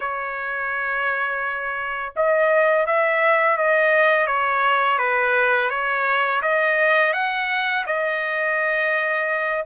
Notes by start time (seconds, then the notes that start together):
0.00 C#5
2.16 D#5
2.86 E5
3.57 D#5
4.27 C#5
4.98 B4
5.69 C#5
6.42 D#5
7.13 F#5
7.86 D#5